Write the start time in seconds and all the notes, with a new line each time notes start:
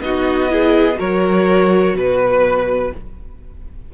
0.00 B3 D#4 F#4 D#5
0.49 E4 G#4
0.94 F#3 F#4 A#4 C#5
1.94 B2 B4